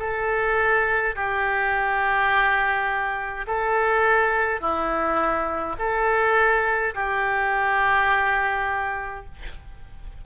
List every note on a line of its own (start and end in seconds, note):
0.00 1.15 A4
1.16 3.47 G4
3.47 4.61 A4
4.61 5.76 E4
5.79 6.94 A4
6.95 9.26 G4